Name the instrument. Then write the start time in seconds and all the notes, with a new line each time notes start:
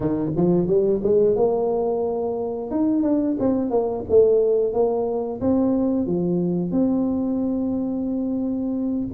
tuba
0.00 D#3
0.36 F3
0.67 G3
1.03 G#3
1.36 A#3
2.70 D#4
3.02 D4
3.39 C4
3.70 A#3
4.09 A3
4.73 A#3
5.41 C4
6.06 F3
6.71 C4